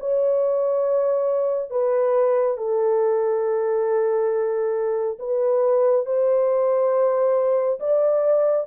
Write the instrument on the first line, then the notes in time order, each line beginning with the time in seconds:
horn
0.00 C#5
1.71 B4
2.58 A4
5.19 B4
6.06 C5
7.80 D5